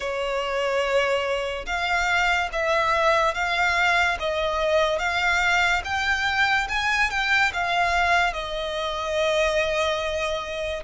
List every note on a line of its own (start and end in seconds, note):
0.00 1.65 C#5
1.66 2.49 F5
2.52 3.34 E5
3.34 4.17 F5
4.19 4.98 D#5
4.98 5.81 F5
5.84 6.67 G5
6.69 7.10 G#5
7.10 7.52 G5
7.53 8.33 F5
8.33 10.83 D#5